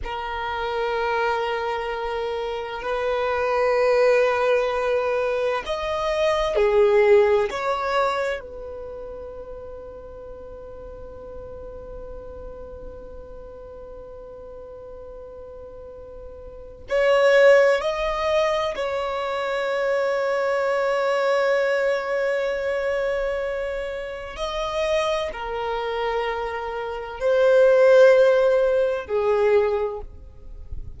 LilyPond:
\new Staff \with { instrumentName = "violin" } { \time 4/4 \tempo 4 = 64 ais'2. b'4~ | b'2 dis''4 gis'4 | cis''4 b'2.~ | b'1~ |
b'2 cis''4 dis''4 | cis''1~ | cis''2 dis''4 ais'4~ | ais'4 c''2 gis'4 | }